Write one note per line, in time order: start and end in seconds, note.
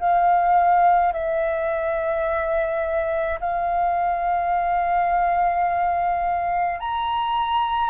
0.00 1.13 F5
1.13 3.40 E5
3.41 6.80 F5
6.80 7.90 A#5